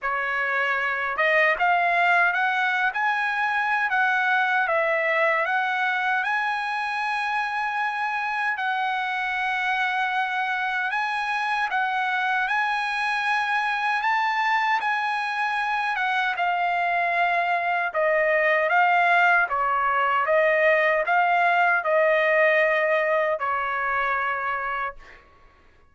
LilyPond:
\new Staff \with { instrumentName = "trumpet" } { \time 4/4 \tempo 4 = 77 cis''4. dis''8 f''4 fis''8. gis''16~ | gis''4 fis''4 e''4 fis''4 | gis''2. fis''4~ | fis''2 gis''4 fis''4 |
gis''2 a''4 gis''4~ | gis''8 fis''8 f''2 dis''4 | f''4 cis''4 dis''4 f''4 | dis''2 cis''2 | }